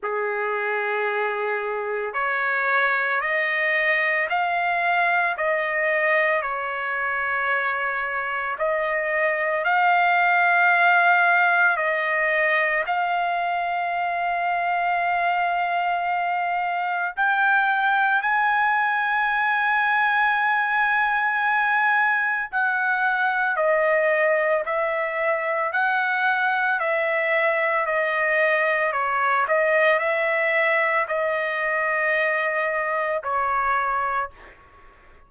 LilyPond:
\new Staff \with { instrumentName = "trumpet" } { \time 4/4 \tempo 4 = 56 gis'2 cis''4 dis''4 | f''4 dis''4 cis''2 | dis''4 f''2 dis''4 | f''1 |
g''4 gis''2.~ | gis''4 fis''4 dis''4 e''4 | fis''4 e''4 dis''4 cis''8 dis''8 | e''4 dis''2 cis''4 | }